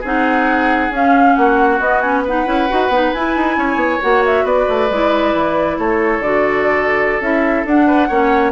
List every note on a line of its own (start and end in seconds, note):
0.00 0.90 C4
0.00 0.92 D#4
0.00 1.32 G#4
0.00 0.93 F#5
0.90 1.34 C#4
0.90 1.79 C#4
0.90 1.35 F5
1.35 1.79 A#3
1.35 2.24 F#4
1.35 1.79 F#5
1.79 2.01 B3
1.79 2.45 B3
1.79 2.00 D#5
2.00 2.26 C#4
2.00 2.22 G#5
2.24 2.46 D#4
2.24 3.56 B4
2.24 3.13 F#5
2.46 2.68 C#4
2.46 2.68 E4
2.69 2.89 D#4
2.69 2.91 F#4
2.89 3.11 B3
2.89 3.14 D#4
3.13 3.36 E4
3.13 4.01 E4
3.13 4.01 G#5
3.36 3.57 D#4
3.57 3.75 C#4
3.57 4.44 C#5
3.75 3.97 B3
4.01 4.43 A#3
4.01 4.89 F#4
4.01 4.23 F#5
4.25 4.46 E5
4.43 4.65 B3
4.43 5.77 B4
4.43 5.78 D5
4.69 4.90 A3
4.90 5.33 G#3
4.90 6.23 E4
5.33 5.77 E3
5.78 6.19 A3
5.78 7.86 A4
5.78 6.22 C#5
6.19 7.19 D3
6.19 7.21 F#4
6.19 7.21 D5
7.20 7.64 C#4
7.20 7.65 E4
7.20 7.66 E5
7.65 8.09 D4
7.65 8.11 D4
7.65 8.51 F#5
7.86 8.08 B4
8.08 8.51 A#3
8.08 8.51 C#4
8.08 8.51 C#5